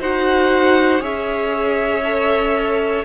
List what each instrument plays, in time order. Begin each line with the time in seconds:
0.00 cello D#4, viola F#4, violin C5 F#5
1.00 cello C#4, viola G#4, violin C#5 E5
2.05 viola A4